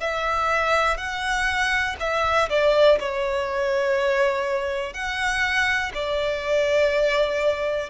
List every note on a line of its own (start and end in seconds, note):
0.00 0.97 E5
0.97 1.96 F#5
1.99 2.49 E5
2.49 2.98 D5
3.00 4.93 C#5
4.93 5.92 F#5
5.94 7.90 D5